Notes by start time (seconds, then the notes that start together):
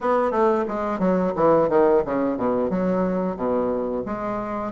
0.00 B3
0.31 A3
0.67 G#3
0.99 F#3
1.35 E3
1.69 D#3
2.05 C#3
2.37 B2
2.70 F#3
3.36 B2
4.05 G#3